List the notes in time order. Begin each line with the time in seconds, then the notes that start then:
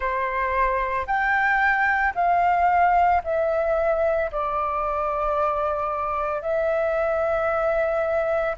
0.00 C5
1.06 G5
2.14 F5
3.23 E5
4.31 D5
6.41 E5